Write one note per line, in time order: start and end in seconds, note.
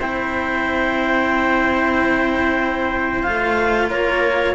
0.00 3.27 C4
0.00 3.24 E4
0.00 3.90 C5
0.00 3.23 G5
3.23 3.91 A3
3.23 4.54 F4
3.23 3.88 F5
3.90 4.55 A#3
3.90 4.55 A#4
3.90 4.55 C#5